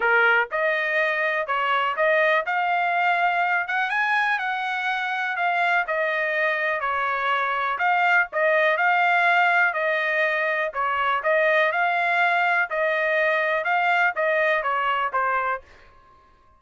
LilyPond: \new Staff \with { instrumentName = "trumpet" } { \time 4/4 \tempo 4 = 123 ais'4 dis''2 cis''4 | dis''4 f''2~ f''8 fis''8 | gis''4 fis''2 f''4 | dis''2 cis''2 |
f''4 dis''4 f''2 | dis''2 cis''4 dis''4 | f''2 dis''2 | f''4 dis''4 cis''4 c''4 | }